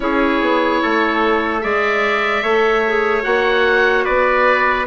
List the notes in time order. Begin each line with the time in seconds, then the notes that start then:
0.00 C#4 E4 G#4 C#5
0.40 B3
0.82 A3 A4
1.60 G#3 G#4 D5 E5
2.42 A3 A4 C#5
2.87 G#4
3.22 A#3 F#4 F#5
4.05 B3 B4 D5